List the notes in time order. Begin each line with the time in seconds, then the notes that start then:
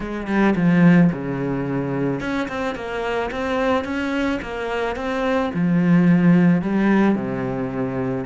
0.00 G#3
0.27 G3
0.55 F3
1.12 C#3
2.20 C#4
2.48 C4
2.75 A#3
3.31 C4
3.84 C#4
4.42 A#3
4.95 C4
5.53 F3
6.61 G3
7.15 C3